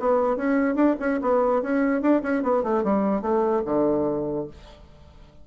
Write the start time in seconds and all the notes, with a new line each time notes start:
0.00 B3
0.37 C#4
0.76 D4
1.00 C#4
1.22 B3
1.62 C#4
2.02 D4
2.23 C#4
2.43 B3
2.63 A3
2.84 G3
3.22 A3
3.66 D3